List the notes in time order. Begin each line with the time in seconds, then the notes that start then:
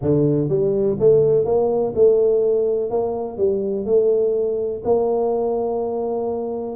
0.01 D3
0.48 G3
0.99 A3
1.45 A#3
1.95 A3
2.90 A#3
3.37 G3
3.85 A3
4.84 A#3